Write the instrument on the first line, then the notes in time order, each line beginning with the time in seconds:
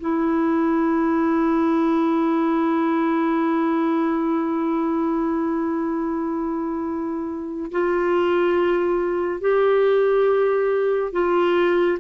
clarinet
0.00 E4
7.71 F4
9.41 G4
11.13 F4